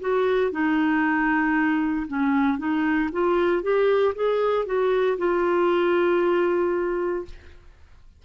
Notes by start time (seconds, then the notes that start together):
0.00 F#4
0.51 D#4
2.07 C#4
2.58 D#4
3.12 F4
3.63 G4
4.15 G#4
4.66 F#4
5.18 F4